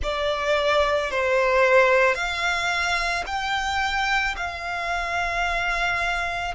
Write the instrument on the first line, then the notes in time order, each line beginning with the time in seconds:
violin
0.02 D5
1.10 C5
2.15 F5
3.26 G5
4.36 F5